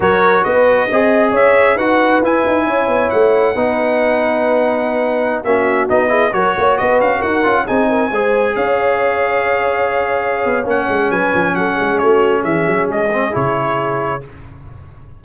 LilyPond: <<
  \new Staff \with { instrumentName = "trumpet" } { \time 4/4 \tempo 4 = 135 cis''4 dis''2 e''4 | fis''4 gis''2 fis''4~ | fis''1~ | fis''16 e''4 dis''4 cis''4 dis''8 f''16~ |
f''16 fis''4 gis''2 f''8.~ | f''1 | fis''4 gis''4 fis''4 cis''4 | e''4 dis''4 cis''2 | }
  \new Staff \with { instrumentName = "horn" } { \time 4/4 ais'4 b'4 dis''4 cis''4 | b'2 cis''2 | b'1~ | b'16 fis'4. gis'8 ais'8 cis''8 b'8.~ |
b'16 ais'4 gis'8 ais'8 c''4 cis''8.~ | cis''1~ | cis''4 b'4 a'8 gis'8 fis'4 | gis'1 | }
  \new Staff \with { instrumentName = "trombone" } { \time 4/4 fis'2 gis'2 | fis'4 e'2. | dis'1~ | dis'16 cis'4 dis'8 e'8 fis'4.~ fis'16~ |
fis'8. f'8 dis'4 gis'4.~ gis'16~ | gis'1 | cis'1~ | cis'4. c'8 e'2 | }
  \new Staff \with { instrumentName = "tuba" } { \time 4/4 fis4 b4 c'4 cis'4 | dis'4 e'8 dis'8 cis'8 b8 a4 | b1~ | b16 ais4 b4 fis8 ais8 b8 cis'16~ |
cis'16 dis'8 cis'8 c'4 gis4 cis'8.~ | cis'2.~ cis'8 b8 | ais8 gis8 fis8 f8 fis8 gis8 a4 | e8 fis8 gis4 cis2 | }
>>